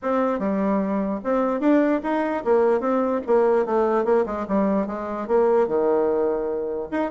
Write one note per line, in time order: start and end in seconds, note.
0.02 0.39 C4
0.39 1.20 G3
1.24 1.60 C4
1.60 2.01 D4
2.03 2.43 D#4
2.44 2.80 A#3
2.80 3.20 C4
3.26 3.65 A#3
3.65 4.04 A3
4.04 4.25 A#3
4.26 4.46 G#3
4.48 4.86 G3
4.86 5.27 G#3
5.27 5.67 A#3
5.67 6.89 D#3
6.91 7.11 D#4